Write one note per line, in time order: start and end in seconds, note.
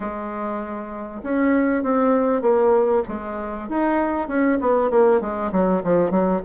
0.00 1.21 G#3
1.23 1.83 C#4
1.83 2.41 C4
2.41 3.03 A#3
3.08 3.68 G#3
3.68 4.27 D#4
4.27 4.58 C#4
4.61 4.90 B3
4.90 5.20 A#3
5.20 5.51 G#3
5.52 5.82 F#3
5.83 6.11 F3
6.11 6.41 F#3